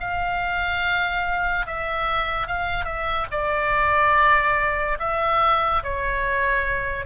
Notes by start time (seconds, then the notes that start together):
0.00 F5
1.66 E5
2.47 F5
2.85 E5
3.31 D5
4.99 E5
5.83 C#5